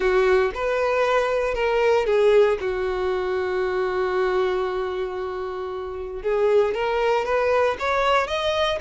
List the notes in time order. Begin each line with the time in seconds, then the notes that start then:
0.00 F#4
0.54 B4
1.54 A#4
2.06 G#4
2.60 F#4
6.22 G#4
6.74 A#4
7.25 B4
7.79 C#5
8.27 D#5